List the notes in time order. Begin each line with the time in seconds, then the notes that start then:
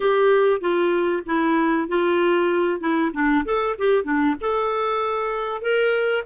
0.00 G4
0.61 F4
1.26 E4
1.88 F4
2.80 E4
3.13 D4
3.45 A4
3.78 G4
4.04 D4
4.40 A4
5.61 A#4